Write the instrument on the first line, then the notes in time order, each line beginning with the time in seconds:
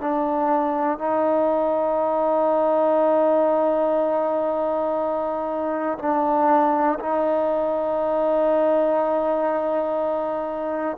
trombone
0.00 D4
0.98 D#4
5.99 D4
7.00 D#4